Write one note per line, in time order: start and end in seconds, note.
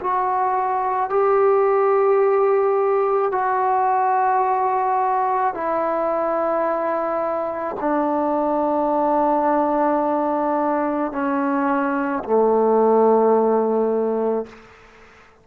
0.00 1.10 F#4
1.10 3.32 G4
3.32 5.54 F#4
5.54 7.76 E4
7.80 11.12 D4
11.12 12.23 C#4
12.24 14.46 A3